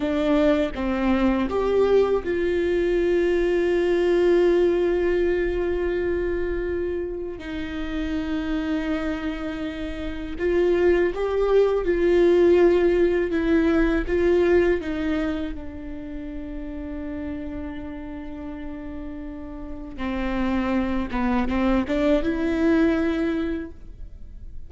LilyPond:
\new Staff \with { instrumentName = "viola" } { \time 4/4 \tempo 4 = 81 d'4 c'4 g'4 f'4~ | f'1~ | f'2 dis'2~ | dis'2 f'4 g'4 |
f'2 e'4 f'4 | dis'4 d'2.~ | d'2. c'4~ | c'8 b8 c'8 d'8 e'2 | }